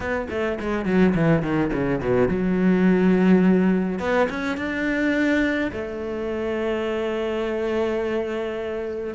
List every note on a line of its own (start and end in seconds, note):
0.00 0.27 B3
0.29 0.58 A3
0.60 0.85 G#3
0.85 1.14 F#3
1.15 1.42 E3
1.42 1.70 D#3
1.73 2.01 C#3
2.01 2.28 B2
2.28 3.99 F#3
3.99 4.28 B3
4.29 4.57 C#4
4.57 5.71 D4
5.72 9.14 A3